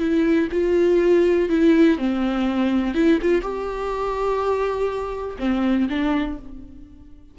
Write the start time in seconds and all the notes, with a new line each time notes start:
0.00 E4
0.52 F4
1.50 E4
1.98 C4
2.95 E4
3.22 F4
3.42 G4
5.39 C4
5.90 D4